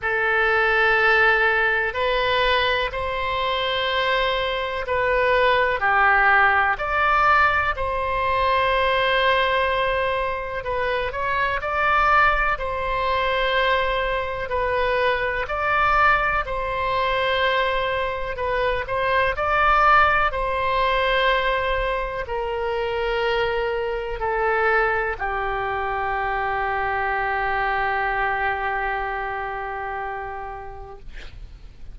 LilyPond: \new Staff \with { instrumentName = "oboe" } { \time 4/4 \tempo 4 = 62 a'2 b'4 c''4~ | c''4 b'4 g'4 d''4 | c''2. b'8 cis''8 | d''4 c''2 b'4 |
d''4 c''2 b'8 c''8 | d''4 c''2 ais'4~ | ais'4 a'4 g'2~ | g'1 | }